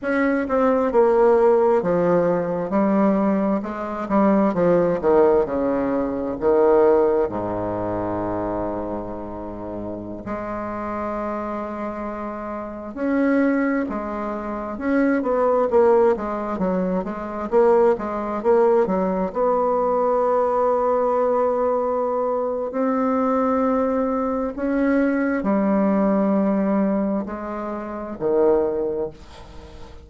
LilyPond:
\new Staff \with { instrumentName = "bassoon" } { \time 4/4 \tempo 4 = 66 cis'8 c'8 ais4 f4 g4 | gis8 g8 f8 dis8 cis4 dis4 | gis,2.~ gis,16 gis8.~ | gis2~ gis16 cis'4 gis8.~ |
gis16 cis'8 b8 ais8 gis8 fis8 gis8 ais8 gis16~ | gis16 ais8 fis8 b2~ b8.~ | b4 c'2 cis'4 | g2 gis4 dis4 | }